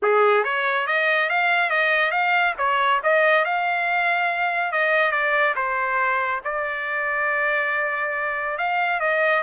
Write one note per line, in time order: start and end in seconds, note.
0.02 0.43 G#4
0.43 0.86 C#5
0.86 1.29 D#5
1.29 1.70 F5
1.70 2.11 D#5
2.11 2.53 F5
2.58 3.00 C#5
3.03 3.44 D#5
3.44 4.72 F5
4.72 5.11 D#5
5.11 5.54 D5
5.55 6.41 C5
6.44 8.58 D5
8.58 9.00 F5
9.00 9.42 D#5